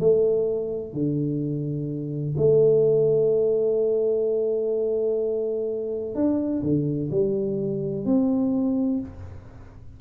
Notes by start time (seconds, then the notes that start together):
0.00 A3
0.94 D3
2.38 A3
6.15 D4
6.63 D3
7.11 G3
8.06 C4